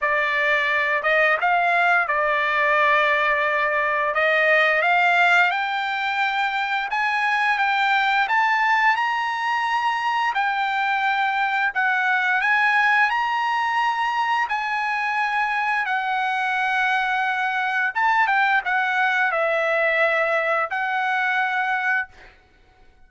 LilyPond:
\new Staff \with { instrumentName = "trumpet" } { \time 4/4 \tempo 4 = 87 d''4. dis''8 f''4 d''4~ | d''2 dis''4 f''4 | g''2 gis''4 g''4 | a''4 ais''2 g''4~ |
g''4 fis''4 gis''4 ais''4~ | ais''4 gis''2 fis''4~ | fis''2 a''8 g''8 fis''4 | e''2 fis''2 | }